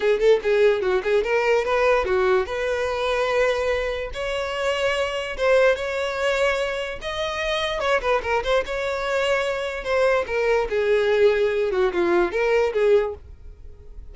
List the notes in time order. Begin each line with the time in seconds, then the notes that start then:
0.00 G#4
0.19 A4
0.42 G#4
0.81 F#4
1.03 G#4
1.23 A#4
1.64 B4
2.05 F#4
2.46 B4
4.13 C#5
5.37 C5
5.75 C#5
7.01 D#5
7.80 C#5
8.01 B4
8.22 A#4
8.43 C5
8.65 C#5
9.83 C5
10.26 A#4
10.69 G#4
11.71 F#4
11.92 F4
12.31 A#4
12.73 G#4